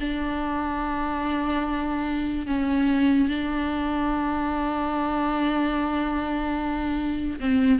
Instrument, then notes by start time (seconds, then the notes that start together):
viola
0.00 D4
2.46 C#4
3.28 D4
7.40 C4